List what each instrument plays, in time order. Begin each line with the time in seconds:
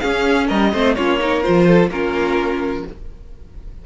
0.00 viola C#4, cello C#4, violin G#4 F5
0.48 cello G3, violin A#4 D#5
0.73 cello A3, viola C4, violin C5
0.96 cello A#3, viola C#4, violin F4 C#5
1.20 viola D#4, violin A#4
1.43 viola F4, violin C5
1.49 cello F3
1.67 violin A4
1.89 cello A#3, viola C#4, violin F4 A#4